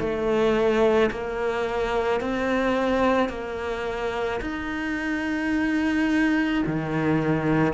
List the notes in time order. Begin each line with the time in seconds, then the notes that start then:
0.00 A3
1.12 A#3
2.21 C4
3.30 A#3
4.42 D#4
6.67 D#3